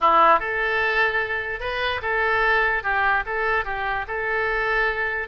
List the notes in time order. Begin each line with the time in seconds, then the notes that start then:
0.01 E4
0.39 A4
1.60 B4
2.02 A4
2.83 G4
3.26 A4
3.64 G4
4.07 A4